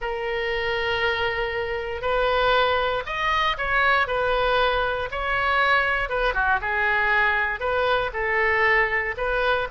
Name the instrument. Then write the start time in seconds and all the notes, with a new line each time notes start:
oboe
0.01 A#4
2.01 B4
3.06 D#5
3.57 C#5
4.07 B4
5.11 C#5
6.09 B4
6.34 F#4
6.61 G#4
7.60 B4
8.13 A4
9.17 B4